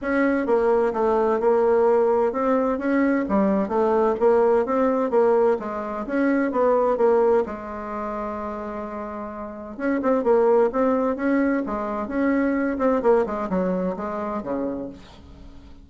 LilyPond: \new Staff \with { instrumentName = "bassoon" } { \time 4/4 \tempo 4 = 129 cis'4 ais4 a4 ais4~ | ais4 c'4 cis'4 g4 | a4 ais4 c'4 ais4 | gis4 cis'4 b4 ais4 |
gis1~ | gis4 cis'8 c'8 ais4 c'4 | cis'4 gis4 cis'4. c'8 | ais8 gis8 fis4 gis4 cis4 | }